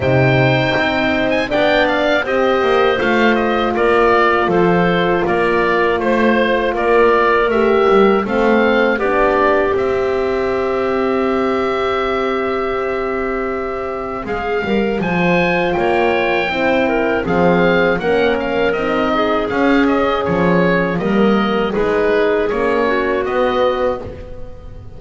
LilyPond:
<<
  \new Staff \with { instrumentName = "oboe" } { \time 4/4 \tempo 4 = 80 g''4.~ g''16 gis''16 g''8 f''8 dis''4 | f''8 dis''8 d''4 c''4 d''4 | c''4 d''4 e''4 f''4 | d''4 e''2.~ |
e''2. f''4 | gis''4 g''2 f''4 | fis''8 f''8 dis''4 f''8 dis''8 cis''4 | dis''4 b'4 cis''4 dis''4 | }
  \new Staff \with { instrumentName = "clarinet" } { \time 4/4 c''2 d''4 c''4~ | c''4 ais'4 a'4 ais'4 | c''4 ais'2 a'4 | g'1~ |
g'2. gis'8 ais'8 | c''4 cis''4 c''8 ais'8 gis'4 | ais'4. gis'2~ gis'8 | ais'4 gis'4. fis'4. | }
  \new Staff \with { instrumentName = "horn" } { \time 4/4 dis'2 d'4 g'4 | f'1~ | f'2 g'4 c'4 | d'4 c'2.~ |
c'1 | f'2 e'4 c'4 | cis'4 dis'4 cis'2 | ais4 dis'4 cis'4 b4 | }
  \new Staff \with { instrumentName = "double bass" } { \time 4/4 c4 c'4 b4 c'8 ais8 | a4 ais4 f4 ais4 | a4 ais4 a8 g8 a4 | b4 c'2.~ |
c'2. gis8 g8 | f4 ais4 c'4 f4 | ais4 c'4 cis'4 f4 | g4 gis4 ais4 b4 | }
>>